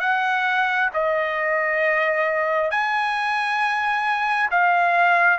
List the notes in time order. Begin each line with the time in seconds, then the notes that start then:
0.00 F#5
0.93 D#5
2.70 G#5
4.51 F5